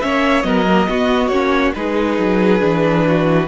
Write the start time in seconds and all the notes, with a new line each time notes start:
0.00 A#3 C#4 C#5 E5
0.42 F#3 B3 A#4 D#5
0.68 A#3
0.87 B3 F#4
1.28 A#3 C#4 C#5
1.74 G#3 D#4 G#4 B4
2.18 F#3
2.59 E3 D4
3.06 F#4